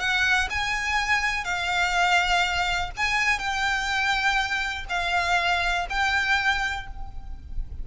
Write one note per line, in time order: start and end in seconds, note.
0.00 0.49 F#5
0.50 1.45 G#5
1.45 2.91 F5
2.97 3.39 G#5
3.39 4.85 G5
4.90 5.87 F5
5.90 6.87 G5